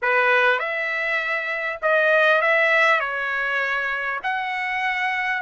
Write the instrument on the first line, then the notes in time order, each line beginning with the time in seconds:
trumpet
0.01 B4
0.59 E5
1.81 D#5
2.41 E5
2.99 C#5
4.23 F#5